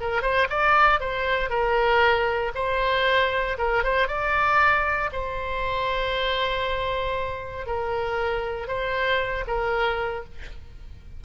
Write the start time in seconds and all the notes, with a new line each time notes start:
0.00 A#4
0.22 C5
0.49 D5
1.00 C5
1.49 A#4
2.54 C5
3.58 A#4
3.83 C5
4.07 D5
5.12 C5
7.66 A#4
8.67 C5
9.47 A#4